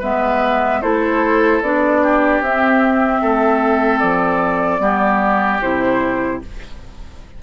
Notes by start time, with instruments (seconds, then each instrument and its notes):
0.00 bassoon G#3, clarinet B3, oboe B4, flute E5
0.82 bassoon A3, clarinet E4, oboe A4, flute C5
1.62 bassoon B3, clarinet D4, flute D5
2.03 oboe G4
2.41 bassoon C4, clarinet C4, flute E5
3.22 bassoon A3, oboe A4
3.99 bassoon F3, flute D5
4.80 bassoon G3, clarinet B3, oboe G4
5.62 bassoon C3, clarinet E4, flute C5